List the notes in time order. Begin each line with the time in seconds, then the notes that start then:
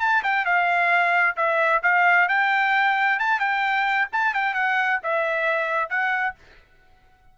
0.00 A5
0.23 G5
0.45 F5
1.37 E5
1.83 F5
2.29 G5
3.19 A5
3.40 G5
4.13 A5
4.34 G5
4.54 F#5
5.03 E5
5.89 F#5